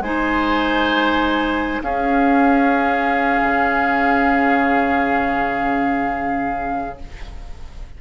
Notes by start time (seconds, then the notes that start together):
0.00 G#3 D#4 C5 G#5
1.82 C#4 G#4 F5
3.43 C#3